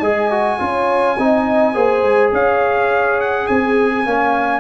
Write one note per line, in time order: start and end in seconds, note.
0.00 0.59 G#3
0.00 0.31 G#4
0.00 0.58 D#5
0.00 2.31 G#5
0.31 0.59 F#4
0.59 1.19 C#4
0.59 1.17 F4
0.59 1.17 C#5
1.18 1.75 C4
1.18 1.74 D#4
1.18 1.75 D#5
1.74 2.03 A#3
1.74 4.05 G#4
1.74 2.33 C5
2.03 2.31 G#3
2.32 3.48 C#4
2.32 3.46 C#5
2.32 3.21 F5
3.21 3.47 F#5
3.46 4.06 C4
3.46 4.04 G#4
3.46 4.61 G#5
4.06 4.61 A#3
4.06 4.61 C#4
4.06 4.61 F5